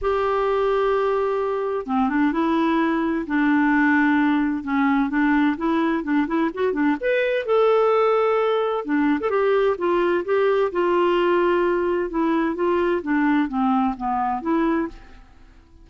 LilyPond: \new Staff \with { instrumentName = "clarinet" } { \time 4/4 \tempo 4 = 129 g'1 | c'8 d'8 e'2 d'4~ | d'2 cis'4 d'4 | e'4 d'8 e'8 fis'8 d'8 b'4 |
a'2. d'8. a'16 | g'4 f'4 g'4 f'4~ | f'2 e'4 f'4 | d'4 c'4 b4 e'4 | }